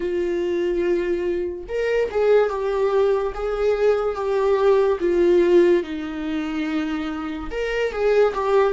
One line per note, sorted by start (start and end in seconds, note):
0.00 1.64 F4
1.68 2.10 A#4
2.10 2.49 G#4
2.49 3.33 G4
3.34 4.15 G#4
4.15 4.98 G4
5.00 5.83 F4
5.83 7.50 D#4
7.50 7.92 A#4
7.92 8.33 G#4
8.33 8.73 G4